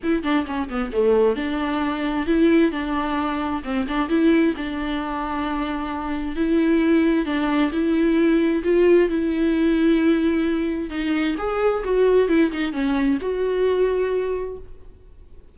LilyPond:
\new Staff \with { instrumentName = "viola" } { \time 4/4 \tempo 4 = 132 e'8 d'8 cis'8 b8 a4 d'4~ | d'4 e'4 d'2 | c'8 d'8 e'4 d'2~ | d'2 e'2 |
d'4 e'2 f'4 | e'1 | dis'4 gis'4 fis'4 e'8 dis'8 | cis'4 fis'2. | }